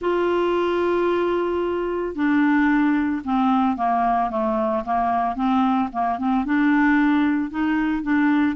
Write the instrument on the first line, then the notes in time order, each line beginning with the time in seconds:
clarinet
0.01 F4
2.15 D4
3.24 C4
3.76 A#3
4.30 A3
4.84 A#3
5.35 C4
5.92 A#3
6.18 C4
6.45 D4
7.50 D#4
8.02 D4